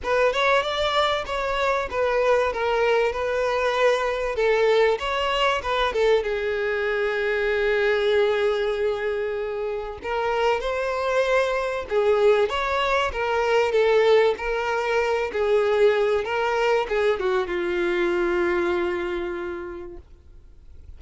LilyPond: \new Staff \with { instrumentName = "violin" } { \time 4/4 \tempo 4 = 96 b'8 cis''8 d''4 cis''4 b'4 | ais'4 b'2 a'4 | cis''4 b'8 a'8 gis'2~ | gis'1 |
ais'4 c''2 gis'4 | cis''4 ais'4 a'4 ais'4~ | ais'8 gis'4. ais'4 gis'8 fis'8 | f'1 | }